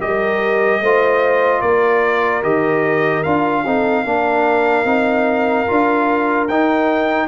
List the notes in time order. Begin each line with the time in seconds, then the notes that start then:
0.00 G3 G4 A#4 D#5
0.80 A3 F4 C5
1.61 A#3 A#4 D5
2.43 D#3 G4 D#5
3.23 D4 F4 F5
3.65 C4 D#4 A4
4.04 A#3 D4 A#4
4.85 C4 D#4
5.67 D4 F4
6.48 D#4 G5